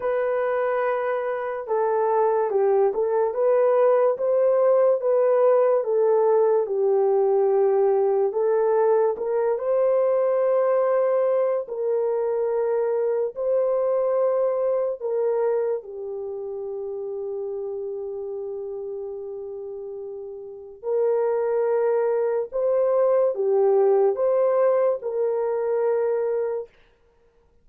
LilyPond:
\new Staff \with { instrumentName = "horn" } { \time 4/4 \tempo 4 = 72 b'2 a'4 g'8 a'8 | b'4 c''4 b'4 a'4 | g'2 a'4 ais'8 c''8~ | c''2 ais'2 |
c''2 ais'4 g'4~ | g'1~ | g'4 ais'2 c''4 | g'4 c''4 ais'2 | }